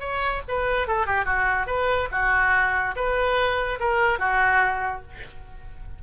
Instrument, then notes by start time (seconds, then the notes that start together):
oboe
0.00 C#5
0.49 B4
0.88 A4
1.06 G4
1.25 F#4
1.67 B4
2.12 F#4
2.96 B4
3.80 A#4
4.19 F#4